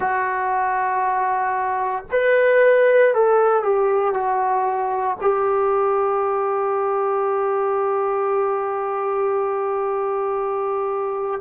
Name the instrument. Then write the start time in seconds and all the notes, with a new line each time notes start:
trombone
0.00 F#4
2.11 B4
3.14 A4
3.62 G4
4.13 F#4
5.20 G4